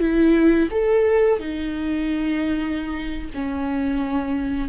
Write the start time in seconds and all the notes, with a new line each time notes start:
0.00 E4
0.71 A4
1.39 D#4
3.34 C#4